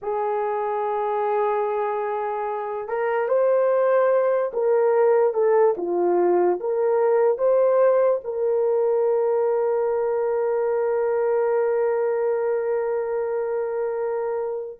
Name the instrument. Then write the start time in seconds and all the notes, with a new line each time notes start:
horn
0.02 G#4
2.88 A#4
3.28 C5
4.53 A#4
5.33 A4
5.77 F4
6.59 A#4
7.37 C5
8.24 A#4